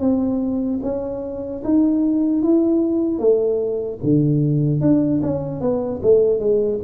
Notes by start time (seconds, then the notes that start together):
0.00 C4
0.83 C#4
1.64 D#4
2.43 E4
3.19 A3
4.04 D3
4.81 D4
5.23 C#4
5.61 B3
6.03 A3
6.40 G#3